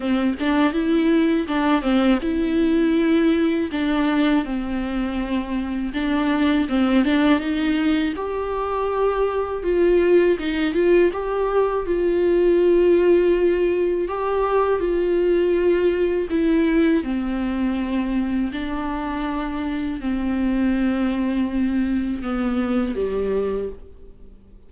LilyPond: \new Staff \with { instrumentName = "viola" } { \time 4/4 \tempo 4 = 81 c'8 d'8 e'4 d'8 c'8 e'4~ | e'4 d'4 c'2 | d'4 c'8 d'8 dis'4 g'4~ | g'4 f'4 dis'8 f'8 g'4 |
f'2. g'4 | f'2 e'4 c'4~ | c'4 d'2 c'4~ | c'2 b4 g4 | }